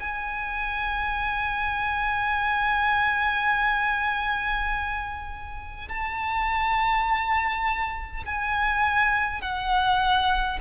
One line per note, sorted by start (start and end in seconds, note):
0.00 5.88 G#5
5.88 8.24 A5
8.26 9.41 G#5
9.41 10.59 F#5